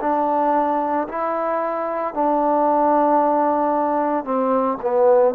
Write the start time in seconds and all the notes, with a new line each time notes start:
0.00 D4
1.08 E4
2.14 D4
4.24 C4
4.82 B3